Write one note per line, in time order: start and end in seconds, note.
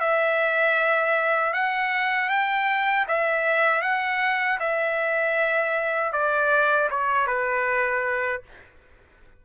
0.00 1.53 E5
1.53 2.29 F#5
2.29 3.06 G5
3.08 3.82 E5
3.82 4.59 F#5
4.59 6.13 E5
6.13 6.90 D5
6.90 7.27 C#5
7.27 8.42 B4